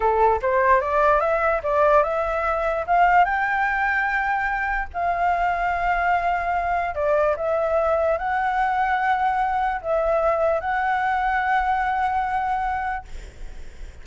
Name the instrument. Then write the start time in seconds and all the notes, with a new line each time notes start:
flute
0.00 A4
0.42 C5
0.80 D5
1.20 E5
1.63 D5
2.03 E5
2.86 F5
3.24 G5
4.93 F5
6.94 D5
7.36 E5
8.17 F#5
9.81 E5
10.60 F#5